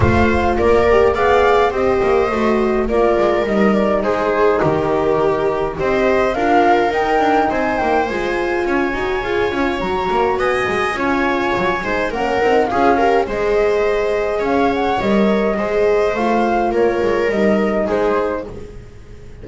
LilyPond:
<<
  \new Staff \with { instrumentName = "flute" } { \time 4/4 \tempo 4 = 104 f''4 d''4 f''4 dis''4~ | dis''4 d''4 dis''8 d''8 c''4 | ais'2 dis''4 f''4 | g''4 gis''8 g''8 gis''2~ |
gis''4 ais''4 gis''2~ | gis''4 fis''4 f''4 dis''4~ | dis''4 f''8 fis''8 dis''2 | f''4 cis''4 dis''4 c''4 | }
  \new Staff \with { instrumentName = "viola" } { \time 4/4 c''4 ais'4 d''4 c''4~ | c''4 ais'2 gis'4 | g'2 c''4 ais'4~ | ais'4 c''2 cis''4~ |
cis''2 dis''4 cis''4~ | cis''8 c''8 ais'4 gis'8 ais'8 c''4~ | c''4 cis''2 c''4~ | c''4 ais'2 gis'4 | }
  \new Staff \with { instrumentName = "horn" } { \time 4/4 f'4. g'8 gis'4 g'4 | fis'4 f'4 dis'2~ | dis'2 g'4 f'4 | dis'2 f'4. fis'8 |
gis'8 f'8 fis'2 f'4~ | f'8 dis'8 cis'8 dis'8 f'8 g'8 gis'4~ | gis'2 ais'4 gis'4 | f'2 dis'2 | }
  \new Staff \with { instrumentName = "double bass" } { \time 4/4 a4 ais4 b4 c'8 ais8 | a4 ais8 gis8 g4 gis4 | dis2 c'4 d'4 | dis'8 d'8 c'8 ais8 gis4 cis'8 dis'8 |
f'8 cis'8 fis8 ais8 b8 gis8 cis'4 | fis8 gis8 ais8 c'8 cis'4 gis4~ | gis4 cis'4 g4 gis4 | a4 ais8 gis8 g4 gis4 | }
>>